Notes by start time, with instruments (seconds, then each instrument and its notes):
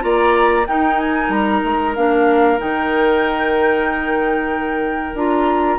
0.00 bassoon A#3, clarinet F4, oboe D5, flute A#5
0.66 bassoon D#4, clarinet D#4, oboe A#4, flute G5
0.99 flute G#5
1.28 bassoon G3, flute A#5
1.64 bassoon G#3
1.95 bassoon A#3, clarinet D4, flute F5
2.58 bassoon D#3, clarinet D#4, flute G5
5.14 bassoon D4, clarinet F4, flute A#5